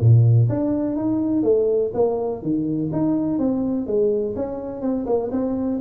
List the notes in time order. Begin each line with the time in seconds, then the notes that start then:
0.00 A#2
0.49 D4
0.96 D#4
1.43 A3
1.94 A#3
2.42 D#3
2.92 D#4
3.38 C4
3.87 G#3
4.36 C#4
4.81 C4
5.06 A#3
5.31 C4